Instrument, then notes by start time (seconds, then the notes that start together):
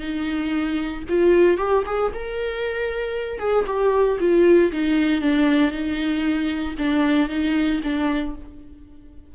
viola
0.00 D#4
1.09 F4
1.57 G4
1.86 G#4
2.14 A#4
3.39 G#4
3.66 G4
4.20 F4
4.72 D#4
5.21 D4
5.72 D#4
6.78 D4
7.29 D#4
7.83 D4